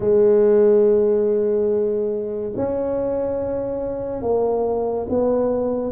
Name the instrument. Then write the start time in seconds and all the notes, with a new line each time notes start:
tuba
0.00 G#3
2.56 C#4
4.21 A#3
5.09 B3